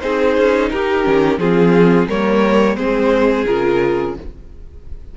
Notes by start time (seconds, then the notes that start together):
0.00 C4 D#4 G#4 C5
0.37 C#4
0.70 D#4 G4 A#4
1.04 D#3 C#4
1.38 F3 C4 F4 G#4
2.07 G3 A#3 A#4 C#5
2.76 G#3 C4 G#4 C5
3.46 C#3 F4 A#4